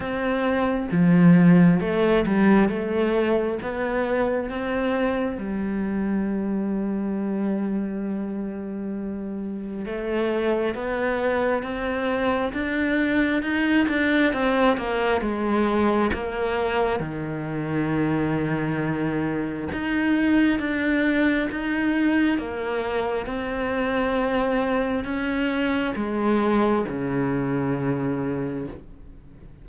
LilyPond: \new Staff \with { instrumentName = "cello" } { \time 4/4 \tempo 4 = 67 c'4 f4 a8 g8 a4 | b4 c'4 g2~ | g2. a4 | b4 c'4 d'4 dis'8 d'8 |
c'8 ais8 gis4 ais4 dis4~ | dis2 dis'4 d'4 | dis'4 ais4 c'2 | cis'4 gis4 cis2 | }